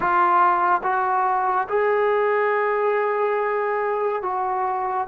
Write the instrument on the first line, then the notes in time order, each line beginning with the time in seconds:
trombone
0.00 F4
0.83 F#4
1.68 G#4
4.22 F#4